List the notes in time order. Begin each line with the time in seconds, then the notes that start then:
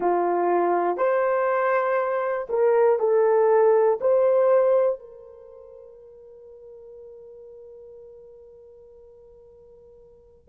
0.00 F4
0.97 C5
2.49 A#4
2.99 A4
4.00 C5
4.99 A#4